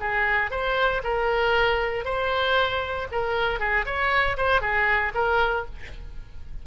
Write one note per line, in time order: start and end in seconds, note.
0.00 0.51 G#4
0.51 1.02 C5
1.04 2.05 A#4
2.05 3.08 C5
3.12 3.60 A#4
3.60 3.85 G#4
3.86 4.37 C#5
4.37 4.61 C5
4.61 5.13 G#4
5.14 5.65 A#4